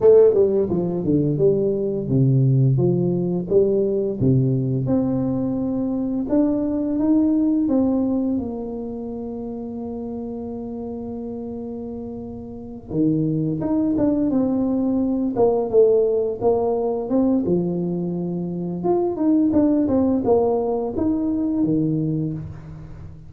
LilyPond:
\new Staff \with { instrumentName = "tuba" } { \time 4/4 \tempo 4 = 86 a8 g8 f8 d8 g4 c4 | f4 g4 c4 c'4~ | c'4 d'4 dis'4 c'4 | ais1~ |
ais2~ ais8 dis4 dis'8 | d'8 c'4. ais8 a4 ais8~ | ais8 c'8 f2 f'8 dis'8 | d'8 c'8 ais4 dis'4 dis4 | }